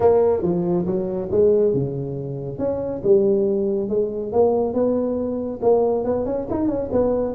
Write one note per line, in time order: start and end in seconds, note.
0.00 0.42 A#3
0.42 0.85 F3
0.85 1.29 F#3
1.31 1.73 G#3
1.73 2.58 C#3
2.58 3.01 C#4
3.03 3.89 G3
3.89 4.32 G#3
4.32 4.73 A#3
4.73 5.60 B3
5.62 6.04 A#3
6.04 6.25 B3
6.25 6.47 C#4
6.50 6.68 D#4
6.68 6.89 C#4
6.91 7.34 B3